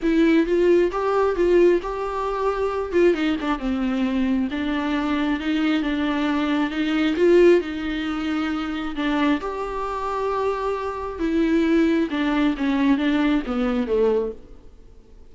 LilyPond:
\new Staff \with { instrumentName = "viola" } { \time 4/4 \tempo 4 = 134 e'4 f'4 g'4 f'4 | g'2~ g'8 f'8 dis'8 d'8 | c'2 d'2 | dis'4 d'2 dis'4 |
f'4 dis'2. | d'4 g'2.~ | g'4 e'2 d'4 | cis'4 d'4 b4 a4 | }